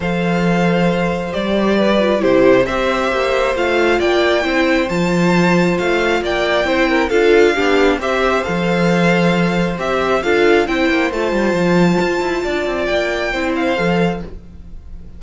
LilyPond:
<<
  \new Staff \with { instrumentName = "violin" } { \time 4/4 \tempo 4 = 135 f''2. d''4~ | d''4 c''4 e''2 | f''4 g''2 a''4~ | a''4 f''4 g''2 |
f''2 e''4 f''4~ | f''2 e''4 f''4 | g''4 a''2.~ | a''4 g''4. f''4. | }
  \new Staff \with { instrumentName = "violin" } { \time 4/4 c''1 | b'4 g'4 c''2~ | c''4 d''4 c''2~ | c''2 d''4 c''8 ais'8 |
a'4 g'4 c''2~ | c''2. a'4 | c''1 | d''2 c''2 | }
  \new Staff \with { instrumentName = "viola" } { \time 4/4 a'2. g'4~ | g'8 f'8 e'4 g'2 | f'2 e'4 f'4~ | f'2. e'4 |
f'4 d'4 g'4 a'4~ | a'2 g'4 f'4 | e'4 f'2.~ | f'2 e'4 a'4 | }
  \new Staff \with { instrumentName = "cello" } { \time 4/4 f2. g4~ | g4 c4 c'4 ais4 | a4 ais4 c'4 f4~ | f4 a4 ais4 c'4 |
d'4 b4 c'4 f4~ | f2 c'4 d'4 | c'8 ais8 a8 g8 f4 f'8 e'8 | d'8 c'8 ais4 c'4 f4 | }
>>